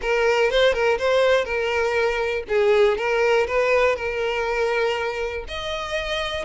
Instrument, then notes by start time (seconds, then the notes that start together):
violin
0.01 A#4
0.50 C5
0.73 A#4
0.98 C5
1.44 A#4
2.48 G#4
2.97 A#4
3.47 B4
3.96 A#4
5.48 D#5